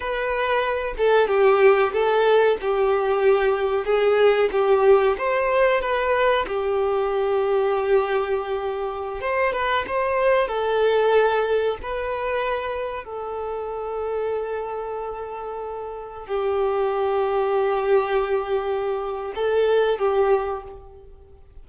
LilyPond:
\new Staff \with { instrumentName = "violin" } { \time 4/4 \tempo 4 = 93 b'4. a'8 g'4 a'4 | g'2 gis'4 g'4 | c''4 b'4 g'2~ | g'2~ g'16 c''8 b'8 c''8.~ |
c''16 a'2 b'4.~ b'16~ | b'16 a'2.~ a'8.~ | a'4~ a'16 g'2~ g'8.~ | g'2 a'4 g'4 | }